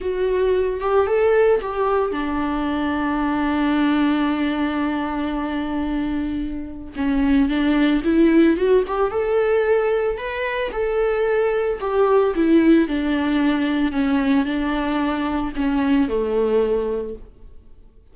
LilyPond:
\new Staff \with { instrumentName = "viola" } { \time 4/4 \tempo 4 = 112 fis'4. g'8 a'4 g'4 | d'1~ | d'1~ | d'4 cis'4 d'4 e'4 |
fis'8 g'8 a'2 b'4 | a'2 g'4 e'4 | d'2 cis'4 d'4~ | d'4 cis'4 a2 | }